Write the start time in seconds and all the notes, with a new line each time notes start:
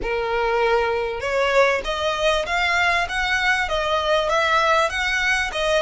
0.02 A#4
1.20 C#5
1.84 D#5
2.45 F5
3.08 F#5
3.68 D#5
4.29 E5
4.89 F#5
5.52 D#5